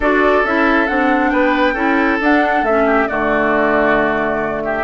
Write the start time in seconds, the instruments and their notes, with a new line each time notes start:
0.00 bassoon D4, clarinet F#4, oboe A4, flute D5
0.44 bassoon C#4, clarinet E4, flute E5
0.87 bassoon C4, clarinet D4, flute F#5
1.30 bassoon B3, oboe B4, flute G5
1.73 bassoon C#4, clarinet E4, oboe A4
2.21 bassoon D4, clarinet D4, flute F#5
2.62 bassoon A3, clarinet C#4, flute E5
2.86 oboe G4
3.07 bassoon D3, clarinet A3, oboe F#4, flute D5
4.64 oboe G4, flute E5